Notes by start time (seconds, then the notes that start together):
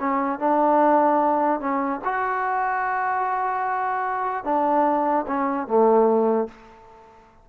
0.00 C#4
0.40 D4
1.60 C#4
2.05 F#4
4.45 D4
5.28 C#4
5.67 A3